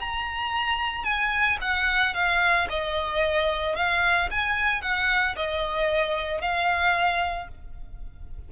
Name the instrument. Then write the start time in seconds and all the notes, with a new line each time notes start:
violin
0.00 A#5
1.04 G#5
1.61 F#5
2.14 F5
2.70 D#5
3.76 F5
4.31 G#5
4.82 F#5
5.36 D#5
6.41 F5